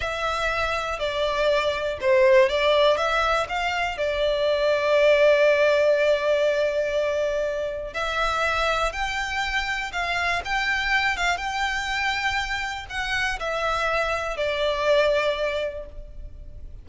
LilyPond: \new Staff \with { instrumentName = "violin" } { \time 4/4 \tempo 4 = 121 e''2 d''2 | c''4 d''4 e''4 f''4 | d''1~ | d''1 |
e''2 g''2 | f''4 g''4. f''8 g''4~ | g''2 fis''4 e''4~ | e''4 d''2. | }